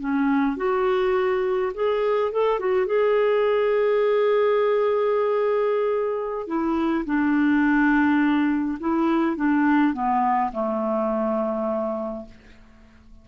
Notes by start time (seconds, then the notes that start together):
0.00 C#4
0.57 F#4
1.74 G#4
2.32 A4
2.60 F#4
2.86 G#4
6.47 E4
7.05 D4
8.80 E4
9.36 D4
9.94 B3
10.52 A3